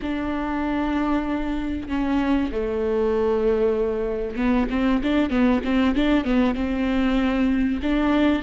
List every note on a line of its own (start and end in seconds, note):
0.02 1.88 D4
1.88 2.50 C#4
2.51 4.36 A3
4.36 4.67 B3
4.70 5.01 C4
5.03 5.30 D4
5.30 5.61 B3
5.64 5.95 C4
5.95 6.24 D4
6.24 6.55 B3
6.55 7.80 C4
7.82 8.42 D4